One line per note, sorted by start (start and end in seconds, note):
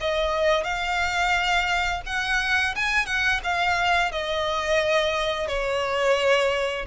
0.00 0.63 D#5
0.63 2.01 F5
2.05 2.74 F#5
2.75 3.06 G#5
3.06 3.40 F#5
3.43 4.11 F5
4.11 5.47 D#5
5.47 6.85 C#5